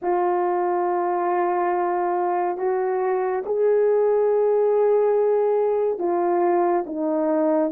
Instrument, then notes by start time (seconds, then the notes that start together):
horn
0.02 F4
2.57 F#4
3.45 G#4
5.98 F4
6.86 D#4